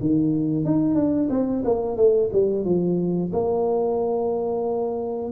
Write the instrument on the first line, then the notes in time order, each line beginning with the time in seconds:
tuba
0.00 D#3
0.65 D#4
0.95 D4
1.30 C4
1.65 A#3
1.97 A3
2.33 G3
2.65 F3
3.33 A#3